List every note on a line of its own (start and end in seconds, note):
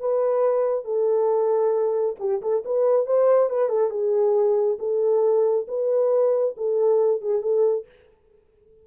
0.00 0.85 B4
0.85 2.16 A4
2.19 2.41 G4
2.42 2.64 A4
2.65 3.06 B4
3.06 3.50 C5
3.50 3.69 B4
3.69 3.90 A4
3.90 4.78 G#4
4.79 5.67 A4
5.68 6.55 B4
6.57 7.21 A4
7.21 7.42 G#4
7.42 7.86 A4